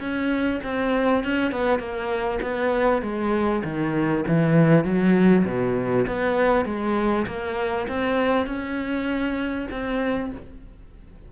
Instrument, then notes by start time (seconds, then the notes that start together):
cello
0.00 C#4
0.64 C4
1.24 C#4
1.52 B3
1.79 A#3
2.42 B3
3.02 G#3
3.64 D#3
4.28 E3
4.84 F#3
5.45 B2
6.07 B3
6.65 G#3
7.27 A#3
7.88 C4
8.46 C#4
9.71 C4